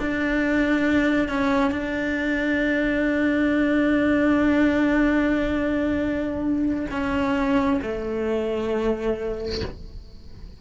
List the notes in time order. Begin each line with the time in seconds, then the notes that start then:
0.00 D4
1.29 C#4
1.72 D4
6.92 C#4
7.82 A3